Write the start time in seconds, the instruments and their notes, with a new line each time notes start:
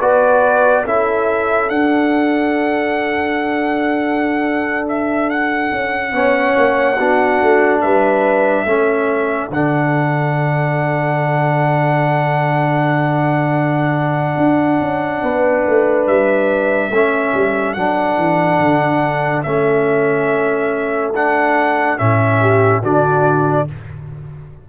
0.00 tuba B3, trombone F#4, horn B4, trumpet D5
0.84 tuba C#4, trombone E4, horn A4, trumpet E5
1.69 trombone D4, tuba D4, trumpet F#5
4.88 trumpet E5
5.30 trumpet F#5
5.72 tuba C#4
6.12 tuba B3, trombone C#4, horn C#5
6.57 tuba A#3
6.97 tuba B3, trombone D4, horn F#4
7.42 tuba A3
7.81 tuba G3, horn B4, trumpet E5
8.65 tuba A3, trombone C#4, horn A4
9.50 tuba D3, trombone D4, trumpet F#5
14.37 tuba D4
14.80 tuba C#4
15.22 tuba B3, horn B4
15.67 tuba A3
16.07 tuba G3, trumpet E5
16.90 tuba A3, trombone C#4, horn A4
17.34 tuba G3
17.73 tuba F#3, trombone D4, trumpet F#5
18.17 tuba E3
18.59 tuba D3
19.43 tuba A3, trombone C#4, trumpet E5
21.15 trombone D4, trumpet F#5
21.98 tuba A2, trombone C#4, trumpet E5
22.41 horn G4
22.82 tuba D3, trombone D4, horn F#4, trumpet D5